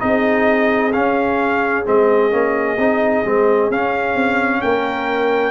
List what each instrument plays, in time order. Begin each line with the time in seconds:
0.00 tuba C4, trombone D#4, horn G#4, trumpet D#5
0.93 trombone C#4, tuba C#4, trumpet F5
1.86 tuba G#3, trombone C4, trumpet D#5
2.31 tuba A#3, trombone C#4
2.78 tuba C4, trombone D#4
3.25 tuba G#3, trombone C4
3.70 tuba C#4, trombone C#4, trumpet F5
4.15 tuba C4
4.62 tuba A#3, horn A#4, trumpet G5